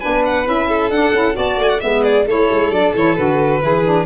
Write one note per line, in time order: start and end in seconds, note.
0.00 0.47 B3
0.00 0.45 D4
0.00 0.68 B4
0.00 0.23 G#5
0.26 0.48 F#5
0.45 0.90 C#4
0.45 0.90 E4
0.45 0.91 E5
0.69 1.36 A4
0.90 1.13 D4
0.90 1.14 D4
0.90 1.36 F#5
1.13 1.36 C#4
1.13 1.33 E4
1.33 1.58 B3
1.33 1.78 F#4
1.33 1.80 D5
1.33 1.61 A5
1.58 1.80 A3
1.58 1.70 G#5
1.70 1.81 F#5
1.80 2.27 G#3
1.80 2.26 B3
1.80 2.03 E5
2.03 2.26 G#4
2.03 2.26 D5
2.27 2.49 A3
2.27 2.72 E4
2.27 3.62 A4
2.27 2.72 C#5
2.51 2.70 G#3
2.70 2.92 F#3
2.70 2.95 D4
2.70 2.94 D5
2.94 3.17 E3
2.94 3.17 E4
2.94 3.16 C#5
3.16 3.63 D3
3.16 3.60 F#4
3.16 4.06 B4
3.60 4.07 E3
3.60 3.83 E4
3.60 4.07 G#4
3.84 4.07 D4